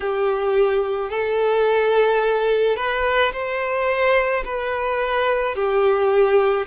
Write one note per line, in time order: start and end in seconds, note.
0.00 1.10 G4
1.10 2.76 A4
2.76 3.32 B4
3.32 4.43 C5
4.44 5.55 B4
5.55 6.66 G4